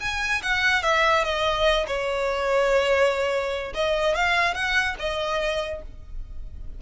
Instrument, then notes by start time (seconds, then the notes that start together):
violin
0.00 G#5
0.43 F#5
0.82 E5
1.24 D#5
1.87 C#5
3.74 D#5
4.15 F5
4.54 F#5
4.99 D#5